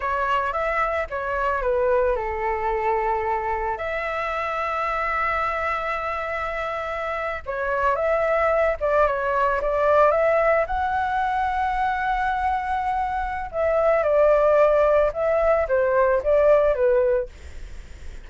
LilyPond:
\new Staff \with { instrumentName = "flute" } { \time 4/4 \tempo 4 = 111 cis''4 e''4 cis''4 b'4 | a'2. e''4~ | e''1~ | e''4.~ e''16 cis''4 e''4~ e''16~ |
e''16 d''8 cis''4 d''4 e''4 fis''16~ | fis''1~ | fis''4 e''4 d''2 | e''4 c''4 d''4 b'4 | }